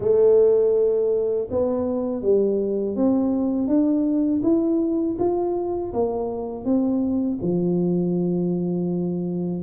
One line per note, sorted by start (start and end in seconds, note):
0.00 1.48 A3
1.50 2.22 B3
2.22 2.95 G3
2.95 3.67 C4
3.67 4.41 D4
4.42 5.17 E4
5.18 5.92 F4
5.93 6.64 A#3
6.64 7.38 C4
7.41 9.63 F3